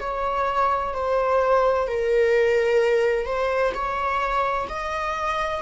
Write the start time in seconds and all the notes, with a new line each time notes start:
0.00 C#5
0.94 C5
1.87 A#4
3.26 C5
3.74 C#5
4.69 D#5